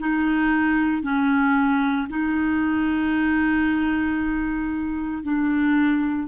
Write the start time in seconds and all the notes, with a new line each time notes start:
0.00 D#4
1.02 C#4
2.10 D#4
5.23 D4